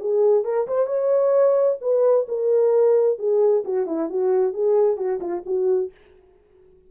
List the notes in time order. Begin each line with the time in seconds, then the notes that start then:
0.00 G#4
0.45 A#4
0.68 C5
0.87 C#5
1.81 B4
2.29 A#4
3.19 G#4
3.65 F#4
3.87 E4
4.10 F#4
4.54 G#4
4.97 F#4
5.20 F4
5.46 F#4